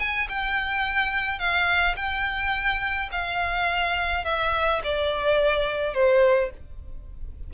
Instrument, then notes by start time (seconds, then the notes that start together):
violin
0.00 G#5
0.29 G5
1.39 F5
1.97 G5
3.12 F5
4.25 E5
4.84 D5
5.94 C5